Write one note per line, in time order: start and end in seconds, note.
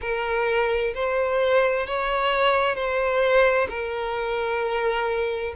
0.01 0.93 A#4
0.94 1.86 C5
1.87 2.75 C#5
2.75 3.67 C5
3.69 5.53 A#4